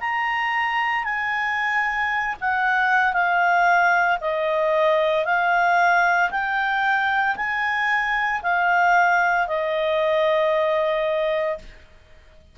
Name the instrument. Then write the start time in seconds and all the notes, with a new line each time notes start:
clarinet
0.00 A#5
1.04 G#5
2.41 F#5
3.13 F5
4.21 D#5
5.25 F5
6.31 G5
7.36 G#5
8.43 F5
9.47 D#5